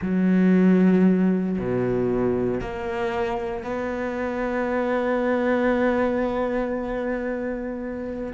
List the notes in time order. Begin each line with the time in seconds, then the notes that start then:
0.01 F#3
1.59 B2
2.60 A#3
3.63 B3